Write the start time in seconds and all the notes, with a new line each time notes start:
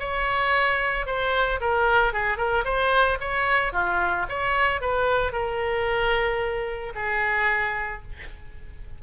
0.00 C#5
1.06 C5
1.61 A#4
2.14 G#4
2.38 A#4
2.65 C5
3.21 C#5
3.73 F4
4.29 C#5
4.81 B4
5.33 A#4
6.95 G#4